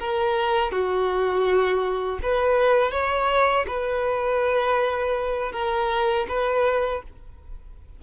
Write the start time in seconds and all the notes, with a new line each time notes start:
0.00 A#4
0.72 F#4
2.23 B4
2.92 C#5
3.67 B4
5.53 A#4
6.29 B4